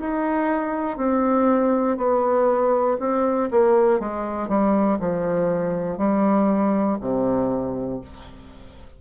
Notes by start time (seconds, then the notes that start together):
0.00 D#4
0.98 C4
1.97 B3
3.00 C4
3.51 A#3
4.00 G#3
4.49 G3
5.00 F3
5.98 G3
7.01 C3